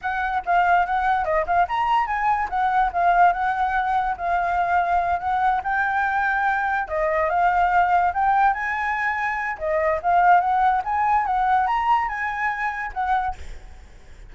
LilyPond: \new Staff \with { instrumentName = "flute" } { \time 4/4 \tempo 4 = 144 fis''4 f''4 fis''4 dis''8 f''8 | ais''4 gis''4 fis''4 f''4 | fis''2 f''2~ | f''8 fis''4 g''2~ g''8~ |
g''8 dis''4 f''2 g''8~ | g''8 gis''2~ gis''8 dis''4 | f''4 fis''4 gis''4 fis''4 | ais''4 gis''2 fis''4 | }